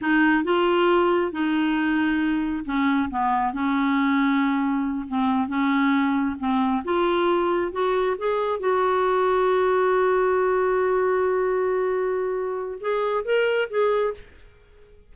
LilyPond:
\new Staff \with { instrumentName = "clarinet" } { \time 4/4 \tempo 4 = 136 dis'4 f'2 dis'4~ | dis'2 cis'4 b4 | cis'2.~ cis'8 c'8~ | c'8 cis'2 c'4 f'8~ |
f'4. fis'4 gis'4 fis'8~ | fis'1~ | fis'1~ | fis'4 gis'4 ais'4 gis'4 | }